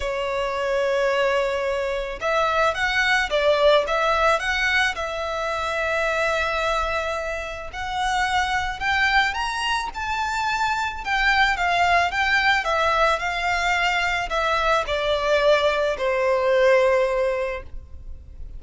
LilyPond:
\new Staff \with { instrumentName = "violin" } { \time 4/4 \tempo 4 = 109 cis''1 | e''4 fis''4 d''4 e''4 | fis''4 e''2.~ | e''2 fis''2 |
g''4 ais''4 a''2 | g''4 f''4 g''4 e''4 | f''2 e''4 d''4~ | d''4 c''2. | }